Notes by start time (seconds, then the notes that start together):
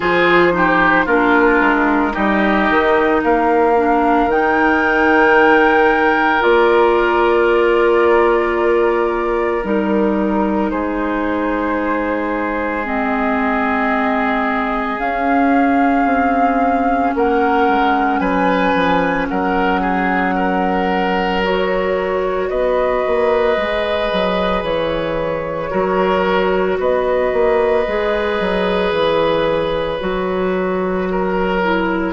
0.00 F3 F4 G#4 C5
0.52 D#4 G4
1.05 A#3 D4 F4 A#4
1.60 G#3
2.12 G3 D#4 G4 D#5
2.69 D#3
3.23 A#3 A#4 F5
3.76 D4
4.26 D#3 D#4 G5
6.40 A#3 F4 D5
9.63 G3 D#4 A#4
10.71 G#3 G#4 C5
12.83 C4 D#5
14.98 C#4 F5
16.04 C4
17.15 A#3 A#4 F#5
17.68 G#3
18.19 F#3 B4 G#5
18.74 F3
19.28 F#3 A#4 F#5
19.81 G#4
20.35 A#4
21.43 F#4 C#5
22.48 B3 B4 D#5
23.06 A#3
23.56 G#3 G#4
24.12 F#3
24.62 E3 C#5
25.70 F#3 F#4 A#4
26.79 B3 B4 D#5
27.33 A#3
27.87 G#3 G#4
28.40 F#3
28.92 E3 C#5
30.00 F#3 F#4
31.10 A#4
31.62 E4